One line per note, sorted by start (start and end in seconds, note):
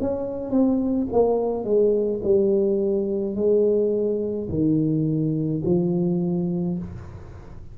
0.00 0.50 C#4
0.50 1.07 C4
1.13 1.64 A#3
1.64 2.21 G#3
2.23 3.36 G3
3.36 4.49 G#3
4.49 5.62 D#3
5.66 6.79 F3